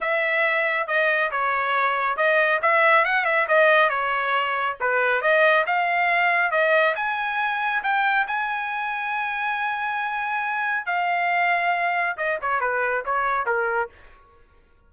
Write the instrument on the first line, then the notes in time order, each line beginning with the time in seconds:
trumpet
0.00 E5
0.87 D#5
1.31 C#5
2.16 D#5
2.61 E5
3.04 F#5
3.25 E5
3.48 D#5
3.89 C#5
4.80 B4
5.21 D#5
5.66 F5
6.51 D#5
6.95 G#5
7.83 G5
8.27 G#5
10.85 F5
12.17 D#5
12.41 C#5
12.60 B4
13.05 C#5
13.45 A#4